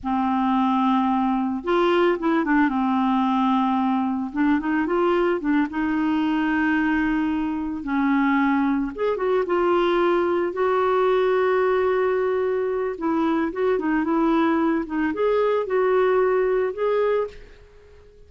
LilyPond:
\new Staff \with { instrumentName = "clarinet" } { \time 4/4 \tempo 4 = 111 c'2. f'4 | e'8 d'8 c'2. | d'8 dis'8 f'4 d'8 dis'4.~ | dis'2~ dis'8 cis'4.~ |
cis'8 gis'8 fis'8 f'2 fis'8~ | fis'1 | e'4 fis'8 dis'8 e'4. dis'8 | gis'4 fis'2 gis'4 | }